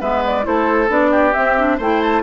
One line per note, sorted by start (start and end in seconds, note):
0.00 0.45 G#3
0.00 0.43 B3
0.00 0.44 B4
0.00 0.23 E5
0.25 0.45 D5
0.43 0.89 A3
0.43 0.87 E4
0.43 1.11 A4
0.43 0.90 C5
0.89 1.33 B3
0.89 1.33 D4
0.89 1.33 D5
1.11 1.77 G4
1.33 1.55 C4
1.33 1.79 C4
1.33 1.78 E5
1.57 1.79 D4
1.77 2.22 A3
1.77 2.22 E4
1.77 2.22 C5
1.77 2.01 G5
2.01 2.22 A5